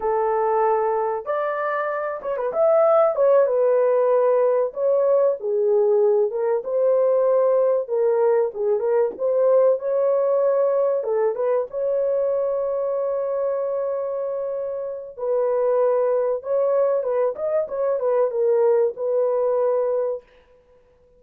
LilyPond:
\new Staff \with { instrumentName = "horn" } { \time 4/4 \tempo 4 = 95 a'2 d''4. cis''16 b'16 | e''4 cis''8 b'2 cis''8~ | cis''8 gis'4. ais'8 c''4.~ | c''8 ais'4 gis'8 ais'8 c''4 cis''8~ |
cis''4. a'8 b'8 cis''4.~ | cis''1 | b'2 cis''4 b'8 dis''8 | cis''8 b'8 ais'4 b'2 | }